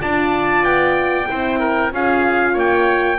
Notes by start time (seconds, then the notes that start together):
0.00 D4 F4 D5 A5
0.63 B3 G5
1.27 C4 E4 C5
1.59 A#4
1.92 C#4 F4 G#4 F5
2.53 A#3 C#5 G5